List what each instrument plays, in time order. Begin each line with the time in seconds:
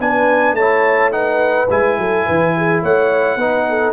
0.00 tuba B3, trombone D4, horn B4, trumpet G#5
0.53 tuba A3, horn C#5, trumpet A5
0.61 trombone E4
1.12 trombone D#4, horn B4, trumpet F#5
1.71 tuba G#3, trombone E4, trumpet G#5
1.98 tuba F#3, horn A4
2.27 tuba E3, horn B4
2.57 horn G#4
2.83 tuba A3, horn C#5, trumpet F#5
3.37 tuba B3, trombone D#4, horn B4
3.69 horn A4